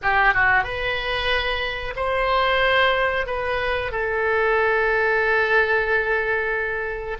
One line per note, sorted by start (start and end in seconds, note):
0.02 0.33 G4
0.33 0.63 F#4
0.63 1.94 B4
1.96 3.26 C5
3.26 3.91 B4
3.91 7.17 A4